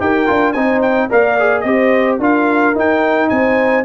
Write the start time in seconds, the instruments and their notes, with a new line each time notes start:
0.00 tuba D#4, trombone G4, horn A#4, trumpet G5
0.27 tuba D4, trombone F4
0.53 tuba C4, trombone D#4, horn C5, trumpet G#5
0.82 trumpet G5
1.09 tuba A#3, trombone A#4, horn D5, trumpet F5
1.40 trombone G#4
1.61 tuba C4, trombone G4, horn C5, trumpet D#5
2.19 tuba D4, trombone F4, horn A#4, trumpet F5
2.75 trombone D#4, tuba D#4, trumpet G5
3.29 tuba C4, horn C5, trumpet G#5